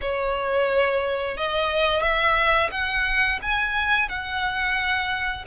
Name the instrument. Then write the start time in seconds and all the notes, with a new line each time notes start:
violin
0.01 C#5
1.37 D#5
2.01 E5
2.71 F#5
3.42 G#5
4.08 F#5